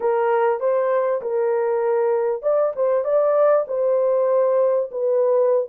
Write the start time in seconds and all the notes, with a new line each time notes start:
0.00 A#4
0.60 C5
1.21 A#4
2.42 D5
2.76 C5
3.04 D5
3.67 C5
4.91 B4